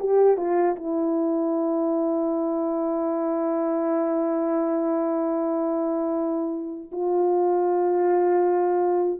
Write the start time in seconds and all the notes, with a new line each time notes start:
0.00 G4
0.37 F4
0.76 E4
6.92 F4